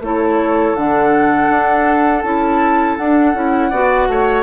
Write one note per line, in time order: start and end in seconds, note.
0.00 0.74 A3
0.00 0.77 E4
0.00 3.70 A4
0.00 0.75 C#5
0.75 1.49 D3
0.75 2.24 D4
0.75 2.22 F#5
1.49 2.23 D4
2.22 2.97 C#4
2.22 2.98 E4
2.22 2.96 A5
2.96 3.34 D4
2.96 4.43 F#5
3.34 3.71 C#4
3.34 3.71 E4
3.70 4.07 B3
3.70 4.43 F#4
3.70 4.07 D5
4.07 4.43 A3
4.07 4.43 C#5